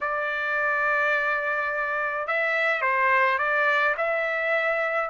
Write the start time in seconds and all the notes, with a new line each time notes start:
0.01 D5
2.27 E5
2.81 C5
3.38 D5
3.97 E5